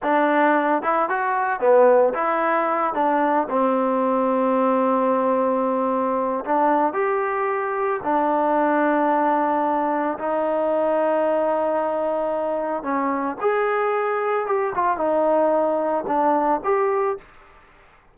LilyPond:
\new Staff \with { instrumentName = "trombone" } { \time 4/4 \tempo 4 = 112 d'4. e'8 fis'4 b4 | e'4. d'4 c'4.~ | c'1 | d'4 g'2 d'4~ |
d'2. dis'4~ | dis'1 | cis'4 gis'2 g'8 f'8 | dis'2 d'4 g'4 | }